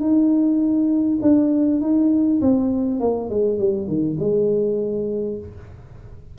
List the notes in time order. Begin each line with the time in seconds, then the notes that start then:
0.00 D#4
1.22 D4
1.81 D#4
2.41 C4
3.00 A#3
3.29 G#3
3.59 G3
3.87 D#3
4.19 G#3